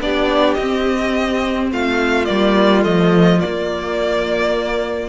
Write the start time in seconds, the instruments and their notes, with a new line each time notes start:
0.00 cello B3, viola D4, violin G4 D5
0.54 cello C4, violin D#5
0.61 viola C4
1.72 cello A3, violin F4 F5
2.25 cello G3, viola A#3, violin D5
2.82 cello F3, viola A3, violin D#5
3.40 viola A#3, cello A#3, violin D5